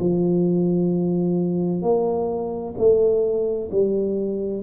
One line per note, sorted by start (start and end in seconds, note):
0.00 1.82 F3
1.82 2.74 A#3
2.78 3.70 A3
3.71 4.63 G3